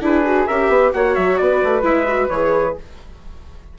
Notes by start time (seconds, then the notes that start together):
0.00 D4 E4 G#4 B4
0.25 F#4
0.46 C#4 G4 A#4 E5
0.68 B3 B4
0.93 A#3 F#4 C#5 F#5
1.15 F#3 E5
1.37 B3 B4 D5
1.63 A3
1.82 G#3 E4 E5
2.07 F#4
2.29 E3 G#4 C#5